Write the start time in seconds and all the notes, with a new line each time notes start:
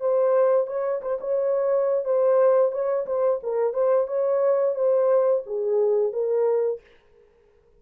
0.00 C5
0.67 C#5
1.02 C5
1.21 C#5
2.05 C5
2.72 C#5
3.06 C5
3.43 A#4
3.73 C5
4.07 C#5
4.75 C5
5.46 G#4
6.12 A#4